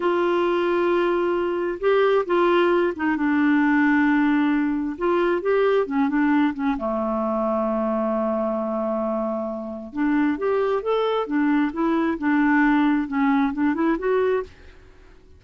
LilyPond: \new Staff \with { instrumentName = "clarinet" } { \time 4/4 \tempo 4 = 133 f'1 | g'4 f'4. dis'8 d'4~ | d'2. f'4 | g'4 cis'8 d'4 cis'8 a4~ |
a1~ | a2 d'4 g'4 | a'4 d'4 e'4 d'4~ | d'4 cis'4 d'8 e'8 fis'4 | }